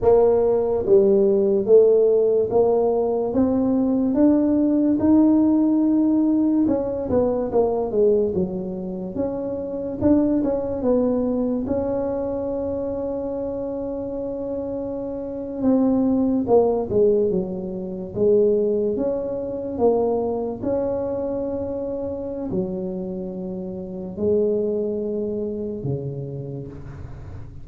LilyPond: \new Staff \with { instrumentName = "tuba" } { \time 4/4 \tempo 4 = 72 ais4 g4 a4 ais4 | c'4 d'4 dis'2 | cis'8 b8 ais8 gis8 fis4 cis'4 | d'8 cis'8 b4 cis'2~ |
cis'2~ cis'8. c'4 ais16~ | ais16 gis8 fis4 gis4 cis'4 ais16~ | ais8. cis'2~ cis'16 fis4~ | fis4 gis2 cis4 | }